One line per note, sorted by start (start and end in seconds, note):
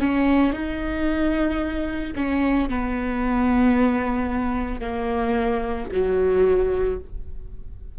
0.00 0.53 C#4
0.53 2.14 D#4
2.15 2.69 C#4
2.69 4.80 B3
4.80 5.87 A#3
5.92 6.99 F#3